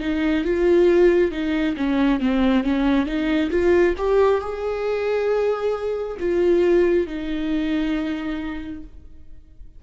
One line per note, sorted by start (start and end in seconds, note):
0.00 0.44 D#4
0.45 1.32 F4
1.32 1.76 D#4
1.77 2.20 C#4
2.20 2.64 C4
2.64 3.06 C#4
3.06 3.50 D#4
3.51 3.95 F4
3.98 4.41 G4
4.41 6.17 G#4
6.20 7.07 F4
7.07 8.83 D#4